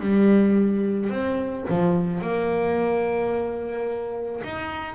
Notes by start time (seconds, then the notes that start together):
0.00 G3
1.10 C4
1.69 F3
2.21 A#3
4.44 D#4